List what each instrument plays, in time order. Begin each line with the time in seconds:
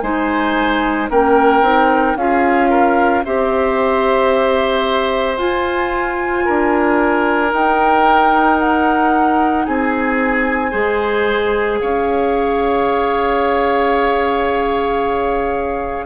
0.00 bassoon G#3, clarinet D#4, oboe C5, flute G#5
1.09 bassoon A#3, clarinet C#4, oboe A#4, flute G5
1.61 bassoon C4, clarinet D#4
2.15 bassoon C#4, clarinet F4, oboe G#4, flute F5
2.69 oboe A#4
3.24 bassoon C4, clarinet G4, oboe C5, flute E5
5.37 bassoon F4, clarinet F4, flute G#5
6.44 bassoon D4, oboe A#4
7.49 clarinet D#4, bassoon D#4, flute G5
8.58 flute F#5
9.65 bassoon C4, oboe G#4, flute G#5
10.70 bassoon G#3, clarinet G#4, oboe C5
11.79 bassoon C#4, oboe C#5, flute F5